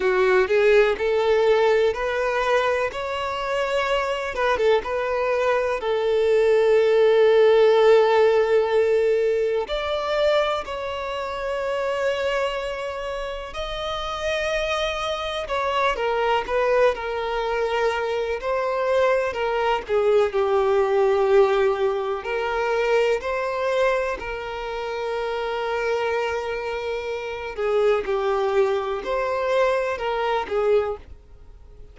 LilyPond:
\new Staff \with { instrumentName = "violin" } { \time 4/4 \tempo 4 = 62 fis'8 gis'8 a'4 b'4 cis''4~ | cis''8 b'16 a'16 b'4 a'2~ | a'2 d''4 cis''4~ | cis''2 dis''2 |
cis''8 ais'8 b'8 ais'4. c''4 | ais'8 gis'8 g'2 ais'4 | c''4 ais'2.~ | ais'8 gis'8 g'4 c''4 ais'8 gis'8 | }